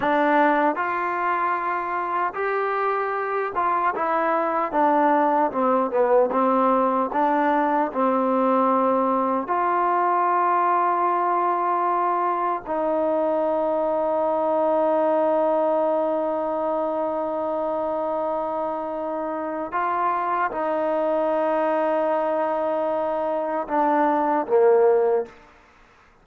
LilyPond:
\new Staff \with { instrumentName = "trombone" } { \time 4/4 \tempo 4 = 76 d'4 f'2 g'4~ | g'8 f'8 e'4 d'4 c'8 b8 | c'4 d'4 c'2 | f'1 |
dis'1~ | dis'1~ | dis'4 f'4 dis'2~ | dis'2 d'4 ais4 | }